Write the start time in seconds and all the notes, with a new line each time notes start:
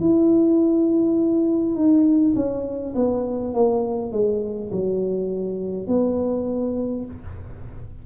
0.00 E4
1.75 D#4
2.35 C#4
2.95 B3
3.53 A#3
4.12 G#3
4.72 F#3
5.87 B3